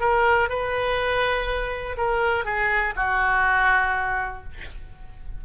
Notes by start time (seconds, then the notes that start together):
0.00 A#4
0.49 B4
1.97 A#4
2.45 G#4
2.96 F#4